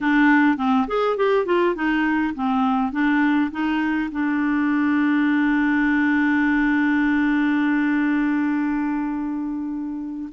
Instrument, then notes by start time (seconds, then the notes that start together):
clarinet
0.00 D4
0.57 C4
0.87 G#4
1.17 G4
1.45 F4
1.75 D#4
2.34 C4
2.91 D4
3.51 D#4
4.11 D4